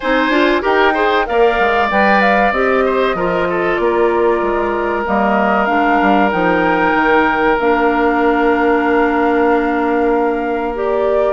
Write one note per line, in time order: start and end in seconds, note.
0.00 0.29 C4
0.00 0.31 D#4
0.00 0.62 C5
0.00 0.62 G#5
0.29 0.60 D4
0.29 0.61 F4
0.61 1.28 D#4
0.61 0.92 G4
0.61 0.93 A#4
0.61 1.26 G5
0.93 1.25 G#4
0.93 1.25 C5
1.25 1.59 A#3
1.25 1.88 A#4
1.25 2.85 D5
1.25 1.89 F5
1.59 1.91 G#3
1.91 2.51 G3
1.91 2.54 B4
1.91 2.21 G5
2.21 2.52 F5
2.51 3.14 C4
2.51 3.17 G4
2.51 3.76 D#5
2.85 3.16 C5
3.14 3.77 F3
3.14 5.05 F4
3.14 3.47 A#4
3.49 3.80 A4
3.76 4.41 A#3
3.76 5.02 D5
3.82 11.32 A#4
4.41 5.04 G#3
5.05 5.68 G3
5.05 5.67 A#3
5.05 5.65 D#5
5.65 6.00 G#3
5.65 6.30 D4
5.65 6.28 F5
6.01 6.33 G3
6.30 6.94 F3
6.30 7.57 D#4
6.30 7.57 G5
6.94 7.57 D#3
7.59 11.32 A#3
7.59 10.74 D4
7.59 10.74 F5
10.74 11.32 G4
10.74 11.32 D5